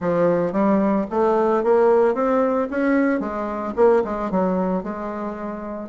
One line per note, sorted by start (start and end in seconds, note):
0.00 0.52 F3
0.52 1.06 G3
1.10 1.63 A3
1.63 2.14 A#3
2.14 2.68 C4
2.70 3.19 C#4
3.19 3.73 G#3
3.76 4.03 A#3
4.04 4.30 G#3
4.30 4.83 F#3
4.83 5.89 G#3